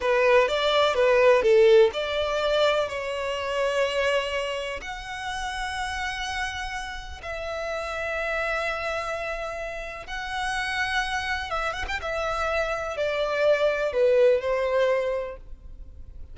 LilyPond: \new Staff \with { instrumentName = "violin" } { \time 4/4 \tempo 4 = 125 b'4 d''4 b'4 a'4 | d''2 cis''2~ | cis''2 fis''2~ | fis''2. e''4~ |
e''1~ | e''4 fis''2. | e''8 fis''16 g''16 e''2 d''4~ | d''4 b'4 c''2 | }